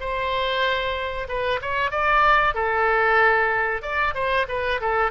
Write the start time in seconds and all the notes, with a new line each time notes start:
0.00 C5
1.28 B4
1.62 C#5
1.91 D5
2.54 A4
3.82 D5
4.14 C5
4.49 B4
4.80 A4